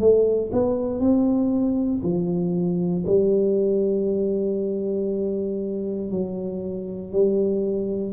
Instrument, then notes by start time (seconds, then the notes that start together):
tuba
0.00 A3
0.53 B3
1.00 C4
2.03 F3
3.06 G3
6.11 F#3
7.12 G3